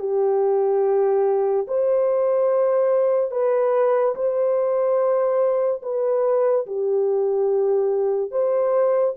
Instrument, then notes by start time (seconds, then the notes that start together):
horn
0.00 G4
1.68 C5
3.31 B4
4.15 C5
5.83 B4
6.67 G4
8.31 C5